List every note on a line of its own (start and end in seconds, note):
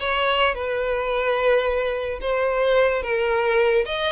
0.00 0.55 C#5
0.55 2.20 B4
2.21 3.03 C5
3.03 3.85 A#4
3.86 4.12 D#5